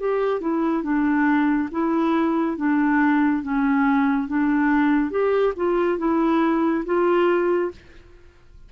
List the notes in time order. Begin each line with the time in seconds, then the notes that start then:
0.00 G4
0.41 E4
0.83 D4
1.72 E4
2.57 D4
3.43 C#4
4.28 D4
5.11 G4
5.56 F4
5.99 E4
6.86 F4